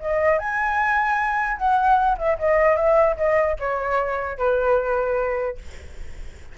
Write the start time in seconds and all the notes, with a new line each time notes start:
0.00 D#5
0.39 G#5
1.58 F#5
2.18 E5
2.39 D#5
2.77 E5
3.17 D#5
3.60 C#5
4.38 B4